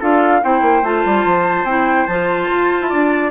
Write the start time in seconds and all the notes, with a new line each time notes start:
0.00 D4 F4 A4 F5
0.43 C4 E4 C5 G5
0.62 A#3
0.83 A3 F4 A5
1.06 G3
1.26 F3
1.64 C4 E4 G5
2.07 F3 F4 A5
2.51 F4
2.81 E4
2.89 D4 D5